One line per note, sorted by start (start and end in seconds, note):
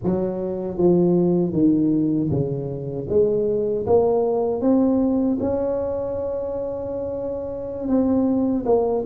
0.03 0.77 F#3
0.77 1.52 F3
1.52 2.29 D#3
2.30 3.07 C#3
3.09 3.86 G#3
3.86 4.61 A#3
4.61 5.38 C4
5.40 7.87 C#4
7.87 8.64 C4
8.65 9.04 A#3